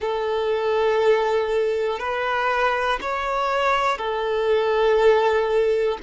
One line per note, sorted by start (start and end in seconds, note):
0.00 1.99 A4
1.99 2.99 B4
3.00 3.98 C#5
3.98 5.97 A4